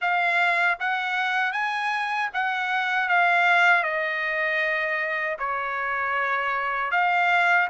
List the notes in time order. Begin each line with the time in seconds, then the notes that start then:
0.01 F5
0.79 F#5
1.52 G#5
2.33 F#5
3.08 F5
3.83 D#5
5.38 C#5
6.91 F5